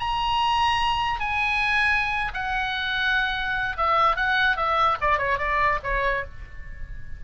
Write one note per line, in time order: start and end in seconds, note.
0.00 1.20 A#5
1.20 2.32 G#5
2.34 3.77 F#5
3.77 4.16 E5
4.16 4.57 F#5
4.57 4.97 E5
5.01 5.18 D5
5.18 5.38 C#5
5.38 5.79 D5
5.83 6.24 C#5